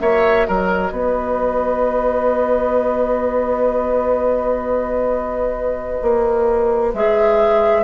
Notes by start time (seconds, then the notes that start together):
0.00 A#3 F#4 C#5 E5
0.46 F#3 A#4 D#5
0.91 B3 B4
6.02 A#3
6.94 G#3 G#4 E5